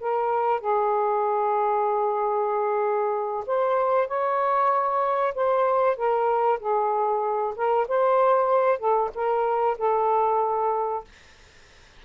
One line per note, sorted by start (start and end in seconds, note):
0.00 0.60 A#4
0.60 3.44 G#4
3.46 4.07 C5
4.07 5.34 C#5
5.35 5.96 C5
5.96 6.59 A#4
6.59 7.54 G#4
7.56 7.87 A#4
7.88 8.79 C5
8.79 9.10 A4
9.14 9.78 A#4
9.78 11.04 A4